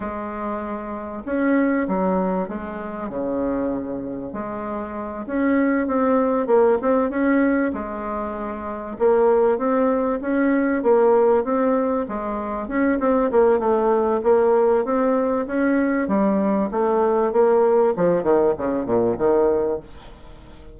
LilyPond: \new Staff \with { instrumentName = "bassoon" } { \time 4/4 \tempo 4 = 97 gis2 cis'4 fis4 | gis4 cis2 gis4~ | gis8 cis'4 c'4 ais8 c'8 cis'8~ | cis'8 gis2 ais4 c'8~ |
c'8 cis'4 ais4 c'4 gis8~ | gis8 cis'8 c'8 ais8 a4 ais4 | c'4 cis'4 g4 a4 | ais4 f8 dis8 cis8 ais,8 dis4 | }